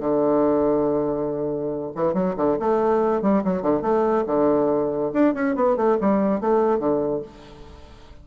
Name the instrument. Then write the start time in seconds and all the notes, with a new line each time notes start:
bassoon
0.00 D3
1.96 E3
2.14 F#3
2.37 D3
2.60 A3
3.22 G3
3.44 F#3
3.62 D3
3.82 A3
4.27 D3
5.14 D4
5.34 C#4
5.56 B3
5.77 A3
6.01 G3
6.41 A3
6.79 D3